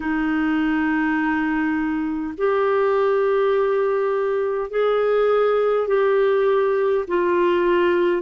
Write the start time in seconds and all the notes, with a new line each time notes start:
0.00 D#4
2.37 G4
4.70 G#4
5.87 G4
7.07 F4